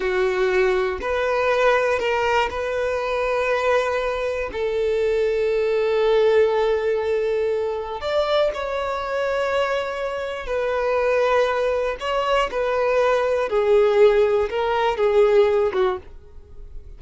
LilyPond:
\new Staff \with { instrumentName = "violin" } { \time 4/4 \tempo 4 = 120 fis'2 b'2 | ais'4 b'2.~ | b'4 a'2.~ | a'1 |
d''4 cis''2.~ | cis''4 b'2. | cis''4 b'2 gis'4~ | gis'4 ais'4 gis'4. fis'8 | }